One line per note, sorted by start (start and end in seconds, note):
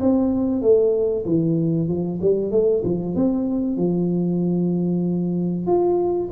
0.00 0.62 C4
0.62 1.25 A3
1.25 1.88 E3
1.88 2.20 F3
2.21 2.51 G3
2.51 2.83 A3
2.84 3.16 F3
3.16 3.77 C4
3.77 5.66 F3
5.66 6.30 F4